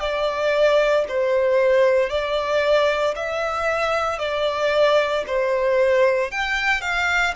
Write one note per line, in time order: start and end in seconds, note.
0.00 1.05 D5
1.08 2.10 C5
2.10 3.15 D5
3.15 4.19 E5
4.19 5.24 D5
5.27 6.31 C5
6.31 6.81 G5
6.81 7.33 F5